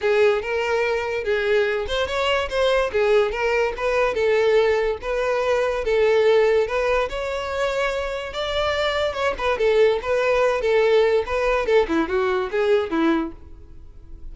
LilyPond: \new Staff \with { instrumentName = "violin" } { \time 4/4 \tempo 4 = 144 gis'4 ais'2 gis'4~ | gis'8 c''8 cis''4 c''4 gis'4 | ais'4 b'4 a'2 | b'2 a'2 |
b'4 cis''2. | d''2 cis''8 b'8 a'4 | b'4. a'4. b'4 | a'8 e'8 fis'4 gis'4 e'4 | }